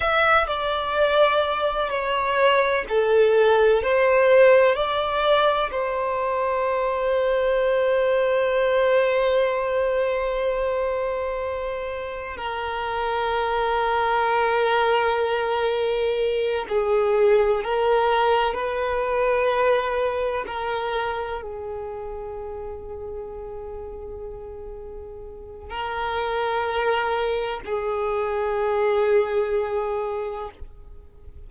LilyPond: \new Staff \with { instrumentName = "violin" } { \time 4/4 \tempo 4 = 63 e''8 d''4. cis''4 a'4 | c''4 d''4 c''2~ | c''1~ | c''4 ais'2.~ |
ais'4. gis'4 ais'4 b'8~ | b'4. ais'4 gis'4.~ | gis'2. ais'4~ | ais'4 gis'2. | }